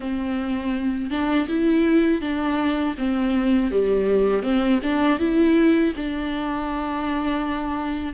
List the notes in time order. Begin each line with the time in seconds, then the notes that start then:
0.00 C4
1.10 D4
1.48 E4
2.21 D4
2.98 C4
3.71 G3
4.42 C4
4.82 D4
5.19 E4
5.96 D4